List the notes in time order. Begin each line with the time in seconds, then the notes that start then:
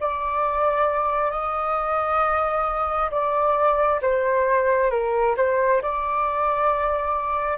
0.00 D5
1.31 D#5
3.11 D5
4.02 C5
4.91 A#4
5.37 C5
5.82 D5